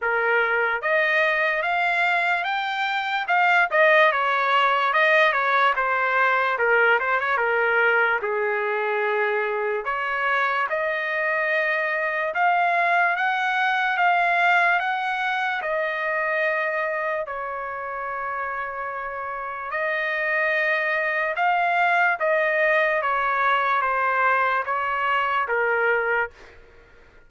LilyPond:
\new Staff \with { instrumentName = "trumpet" } { \time 4/4 \tempo 4 = 73 ais'4 dis''4 f''4 g''4 | f''8 dis''8 cis''4 dis''8 cis''8 c''4 | ais'8 c''16 cis''16 ais'4 gis'2 | cis''4 dis''2 f''4 |
fis''4 f''4 fis''4 dis''4~ | dis''4 cis''2. | dis''2 f''4 dis''4 | cis''4 c''4 cis''4 ais'4 | }